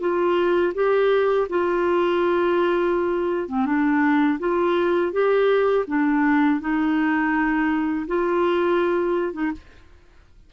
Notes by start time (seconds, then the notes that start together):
0.00 F4
0.74 G4
1.49 F4
3.49 C4
3.66 D4
4.39 F4
5.12 G4
5.87 D4
6.60 D#4
8.07 F4
9.33 D#4